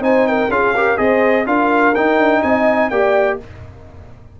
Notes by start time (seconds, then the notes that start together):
0.00 C4 D#4 C5 G#5
0.27 A#4 G5
0.49 C#4 F4 G#4 F5
0.74 G4 A#4
0.97 C4 G#4 C5 D#5
1.46 D4 F4 A#4 F5
1.95 D#4 G5
2.18 D4
2.42 C4 D#5 G#5
2.89 A#3 G4 D5 G5